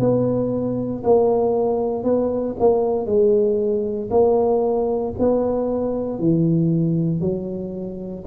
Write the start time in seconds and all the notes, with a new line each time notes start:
0.00 B3
1.04 A#3
2.04 B3
2.60 A#3
3.07 G#3
4.11 A#3
5.19 B3
6.20 E3
7.21 F#3